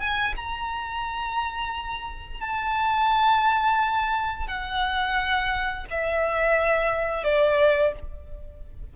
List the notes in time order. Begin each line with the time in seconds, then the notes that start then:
0.00 G#5
0.36 A#5
2.41 A5
4.48 F#5
5.90 E5
7.24 D5